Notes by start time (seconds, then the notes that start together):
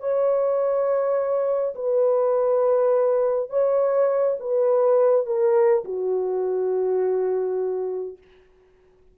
0.00 C#5
1.75 B4
3.50 C#5
4.40 B4
5.26 A#4
5.85 F#4